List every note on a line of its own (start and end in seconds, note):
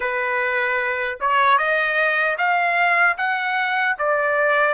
0.00 1.18 B4
1.20 1.58 C#5
1.58 2.36 D#5
2.38 3.17 F5
3.17 3.96 F#5
3.98 4.74 D5